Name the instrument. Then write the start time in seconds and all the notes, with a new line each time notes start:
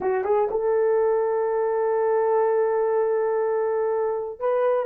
horn
0.00 F#4
0.24 G#4
0.51 A4
4.39 B4